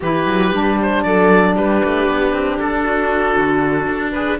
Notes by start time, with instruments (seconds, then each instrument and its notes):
0.00 cello E3, saxophone E4, viola G4, oboe B4
0.26 cello F#3
0.52 cello G3, saxophone D4
0.82 oboe C5
1.02 cello F#3, viola A4, oboe D5
1.54 cello G3, viola G4, oboe B4
1.84 cello A3
2.07 cello B3
2.32 cello C4
2.59 cello D4, oboe A4
2.83 viola F#4
3.36 cello D3
3.87 cello D4
4.12 viola G#4, oboe B4